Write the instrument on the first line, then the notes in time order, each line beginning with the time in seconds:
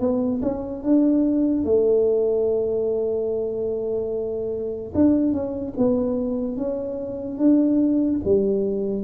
tuba
0.00 B3
0.42 C#4
0.83 D4
1.64 A3
4.95 D4
5.32 C#4
5.78 B3
6.57 C#4
7.38 D4
8.25 G3